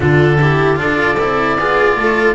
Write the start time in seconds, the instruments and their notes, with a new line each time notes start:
0.00 double bass D3, cello D4, viola F4, oboe A4
0.40 cello E4, viola G4
0.76 double bass D4, cello F4, viola A4, oboe D5
1.19 double bass C4, cello E4
1.58 double bass B3, cello F4, viola G#4
1.96 double bass A3, viola A4